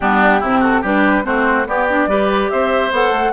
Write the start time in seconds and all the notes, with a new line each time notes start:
0.00 G3 B3 D4 G4
0.40 C3 C4 E4
0.60 F#4 A4
0.81 G3 D4 G4 B4
1.23 A3 C4 F#4 C5
1.67 B3 G4 D5
1.89 D4
2.06 G3 G4 B4
2.50 C4 C5 E5
2.91 B3 A4 F#5
3.10 A3